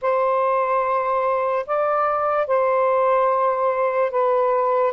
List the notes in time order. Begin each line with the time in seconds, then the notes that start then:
0.01 C5
1.66 D5
2.47 C5
4.10 B4